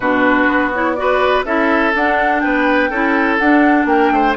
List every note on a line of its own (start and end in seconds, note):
0.00 0.47 B2
0.00 0.74 D4
0.00 0.96 F#4
0.00 0.73 B4
0.47 1.44 B3
0.73 0.96 E4
0.73 0.94 C#5
0.94 1.45 F#4
0.94 1.45 B4
0.94 1.43 D5
1.44 1.92 C#4
1.44 1.94 E4
1.44 2.42 A4
1.44 1.94 E5
1.95 2.91 D4
1.95 2.43 D4
1.95 2.40 F#5
2.40 2.90 B3
2.40 2.90 B4
2.40 3.37 G5
2.90 3.38 C#4
2.90 3.40 E4
2.90 3.86 A4
3.37 3.85 D4
3.37 4.36 D4
3.37 3.86 F#5
3.85 4.09 A#3
3.85 4.13 A#4
3.85 4.35 G5
4.11 4.35 A3
4.11 4.36 C5